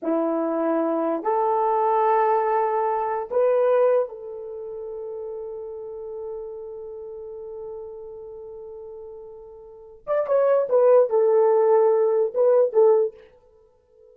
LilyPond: \new Staff \with { instrumentName = "horn" } { \time 4/4 \tempo 4 = 146 e'2. a'4~ | a'1 | b'2 a'2~ | a'1~ |
a'1~ | a'1~ | a'8 d''8 cis''4 b'4 a'4~ | a'2 b'4 a'4 | }